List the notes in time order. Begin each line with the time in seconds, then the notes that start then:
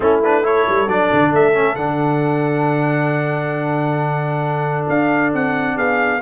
0.00 A3 C#4 E4 A4
0.23 D4 B4
0.43 E4 A4 C#5
0.68 G3
0.87 F#3 D4 D5
1.12 D3
1.32 A3 E5
1.53 C#4
1.75 D3 D4 F#5
4.88 D4 F5
5.33 C4 F#5
5.75 B3 G#4 F5